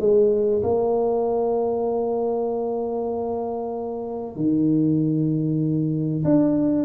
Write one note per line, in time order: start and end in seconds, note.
0.00 0.62 G#3
0.63 4.36 A#3
4.36 6.24 D#3
6.25 6.86 D4